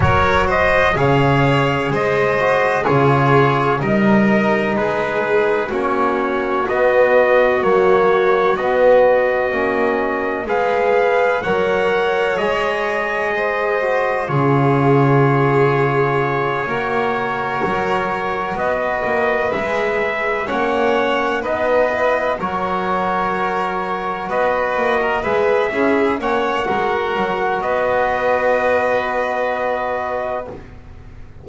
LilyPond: <<
  \new Staff \with { instrumentName = "trumpet" } { \time 4/4 \tempo 4 = 63 cis''8 dis''8 f''4 dis''4 cis''4 | dis''4 b'4 cis''4 dis''4 | cis''4 dis''2 f''4 | fis''4 dis''2 cis''4~ |
cis''2.~ cis''8 dis''8~ | dis''8 e''4 fis''4 dis''4 cis''8~ | cis''4. dis''4 e''4 fis''8~ | fis''4 dis''2. | }
  \new Staff \with { instrumentName = "violin" } { \time 4/4 ais'8 c''8 cis''4 c''4 gis'4 | ais'4 gis'4 fis'2~ | fis'2. b'4 | cis''2 c''4 gis'4~ |
gis'4. ais'2 b'8~ | b'4. cis''4 b'4 ais'8~ | ais'4. b'8. ais'16 b'8 gis'8 cis''8 | ais'4 b'2. | }
  \new Staff \with { instrumentName = "trombone" } { \time 4/4 fis'4 gis'4. fis'8 f'4 | dis'2 cis'4 b4 | ais4 b4 cis'4 gis'4 | ais'4 gis'4. fis'8 f'4~ |
f'4. fis'2~ fis'8~ | fis'8 gis'4 cis'4 dis'8 e'8 fis'8~ | fis'2~ fis'8 gis'8 e'8 cis'8 | fis'1 | }
  \new Staff \with { instrumentName = "double bass" } { \time 4/4 fis4 cis4 gis4 cis4 | g4 gis4 ais4 b4 | fis4 b4 ais4 gis4 | fis4 gis2 cis4~ |
cis4. ais4 fis4 b8 | ais8 gis4 ais4 b4 fis8~ | fis4. b8 ais8 gis8 cis'8 ais8 | gis8 fis8 b2. | }
>>